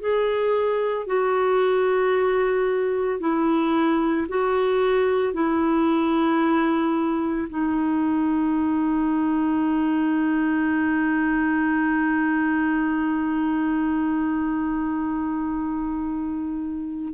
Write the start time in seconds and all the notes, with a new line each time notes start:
0.00 G#4
1.06 F#4
3.19 E4
4.28 F#4
5.33 E4
7.49 D#4